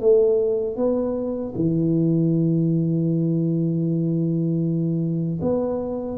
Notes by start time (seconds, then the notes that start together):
0.00 A3
0.76 B3
1.55 E3
5.41 B3